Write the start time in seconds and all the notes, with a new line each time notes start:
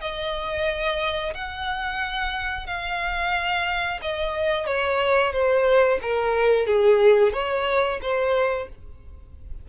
0.00 D#5
1.34 F#5
2.66 F5
4.02 D#5
4.66 C#5
5.32 C5
6.02 A#4
6.66 G#4
7.33 C#5
8.02 C5